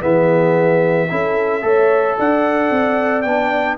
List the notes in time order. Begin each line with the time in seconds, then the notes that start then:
0.00 E3 B3 G#4 E5
1.09 C#4 E4 A4
1.61 A3 A4 C#5
2.18 D4 D5 F#5
2.70 C4
3.22 B3 D4 G5